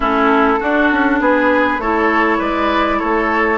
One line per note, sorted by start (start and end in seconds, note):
0.00 0.58 A3
0.00 0.58 C#4
0.00 0.59 E4
0.00 1.21 A4
0.59 1.80 D4
0.59 0.91 D4
0.59 1.19 F#4
0.91 1.20 C#4
1.20 1.78 B3
1.20 1.81 G#4
1.20 1.80 B4
1.78 2.38 A3
1.78 3.58 E4
1.78 2.38 A4
1.78 2.40 C#5
2.38 3.00 G#3
2.38 2.98 B4
2.38 2.99 D5
2.98 3.58 A3
2.98 3.58 A4
2.98 3.58 C#5